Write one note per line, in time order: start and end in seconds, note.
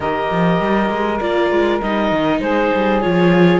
0.00 0.30 D#3
0.00 1.20 G4
0.00 2.40 A#4
0.00 1.20 D#5
0.31 0.60 F3
0.60 0.89 G3
0.89 1.20 G#3
1.20 1.51 A#3
1.20 1.81 F4
1.20 1.81 D5
1.51 1.81 G#3
1.81 2.11 G3
1.81 3.01 D#4
1.81 2.40 D#5
2.11 2.40 D#3
2.40 2.70 G#3
2.40 3.60 G#4
2.40 3.01 C5
2.74 3.04 G3
3.01 3.60 F3
3.01 3.60 F4
3.01 3.60 C#5